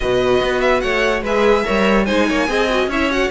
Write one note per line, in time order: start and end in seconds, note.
0.00 0.41 B2
0.00 1.25 F#4
0.00 0.82 B4
0.00 0.60 D#5
0.41 0.82 B3
0.60 0.80 E5
0.80 1.22 A3
0.80 1.22 C#5
0.80 1.21 F#5
1.22 1.63 G#3
1.22 1.64 G#4
1.22 1.64 B4
1.22 2.05 E5
1.64 2.09 G3
1.64 2.05 A#4
1.64 2.06 C#5
2.05 2.30 G#3
2.05 2.47 D#4
2.05 2.26 C5
2.05 2.88 G#5
2.27 2.47 A#3
2.27 2.48 C#5
2.47 2.86 C4
2.47 2.68 G#4
2.47 2.89 D#5
2.69 2.90 F#4
2.86 3.28 C#4
2.86 3.10 E4
2.86 3.30 C#5
2.86 3.11 E5
3.10 3.30 F#4
3.10 3.30 F#5